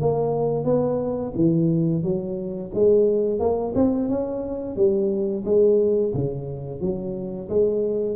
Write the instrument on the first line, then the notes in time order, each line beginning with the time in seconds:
tuba
0.00 A#3
0.64 B3
1.35 E3
2.03 F#3
2.74 G#3
3.39 A#3
3.75 C4
4.09 C#4
4.76 G3
5.45 G#3
6.14 C#3
6.81 F#3
7.49 G#3